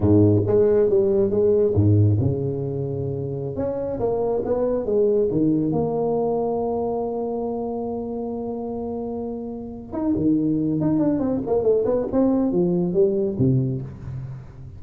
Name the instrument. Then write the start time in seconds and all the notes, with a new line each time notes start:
tuba
0.00 G#2
0.46 G#3
0.89 G3
1.30 G#3
1.74 G#2
2.19 C#3
3.56 C#4
3.99 A#3
4.44 B3
4.85 G#3
5.31 D#3
5.72 A#3
9.92 D#4
10.16 D#3
10.81 D#4
10.99 D4
11.19 C4
11.46 A#3
11.63 A3
11.85 B3
12.12 C4
12.52 F3
12.93 G3
13.38 C3